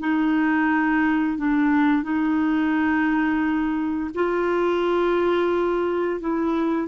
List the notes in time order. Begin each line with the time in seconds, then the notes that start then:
0.00 D#4
1.38 D4
2.03 D#4
4.15 F4
6.20 E4